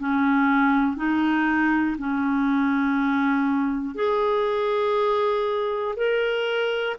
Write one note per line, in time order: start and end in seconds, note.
0.00 0.97 C#4
0.97 1.97 D#4
1.98 3.95 C#4
3.95 5.95 G#4
5.97 6.97 A#4